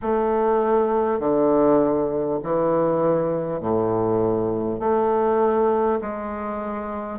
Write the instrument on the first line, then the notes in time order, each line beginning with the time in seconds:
bassoon
0.02 A3
1.19 D3
2.43 E3
3.60 A2
4.79 A3
6.01 G#3